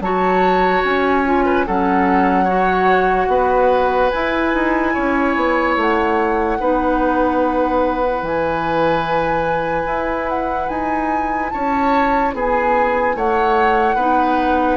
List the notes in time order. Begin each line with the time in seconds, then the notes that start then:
0.00 F#3 F#4 C#5 A5
0.84 C#4 G#5
1.25 F4
1.45 B4
1.66 F#3 C#4 A4 F#5
2.44 F#4 C#5
3.28 B3 B4
4.10 E4 G#5
4.54 D#4
4.93 C#4 C#5
5.36 B3
5.76 A3 F#5
6.60 B3 D#4 B4
8.03 E4
8.22 E3 G#5
9.86 E4
10.29 F#5
10.69 D#4 G#5
11.50 C#4 C#5 A5
12.33 B3 G#4 G#5
13.15 A3 C#5 F#5
13.95 B3 D#4 B4